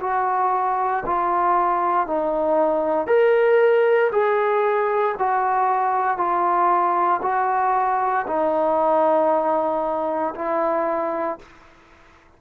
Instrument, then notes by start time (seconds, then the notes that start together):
trombone
0.00 F#4
1.05 F4
2.07 D#4
3.07 A#4
4.11 G#4
5.18 F#4
6.17 F4
7.22 F#4
8.27 D#4
10.35 E4